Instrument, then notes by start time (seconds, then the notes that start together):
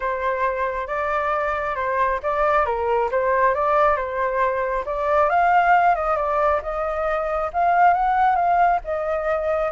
flute
0.00 C5
0.87 D5
1.75 C5
2.23 D5
2.65 A#4
3.11 C5
3.54 D5
3.96 C5
4.85 D5
5.29 F5
5.95 D#5
6.16 D5
6.62 D#5
7.53 F5
7.93 F#5
8.35 F5
8.84 D#5